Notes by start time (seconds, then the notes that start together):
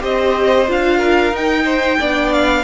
0.00 C4 G4 C5 D#5
0.67 D4 F4 F5
0.97 A#4
1.33 D#4 G5
1.65 C5
1.99 B3 D4 D5
2.33 F5